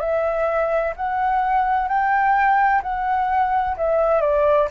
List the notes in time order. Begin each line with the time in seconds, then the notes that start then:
0.00 E5
0.96 F#5
1.88 G5
2.83 F#5
3.77 E5
4.21 D5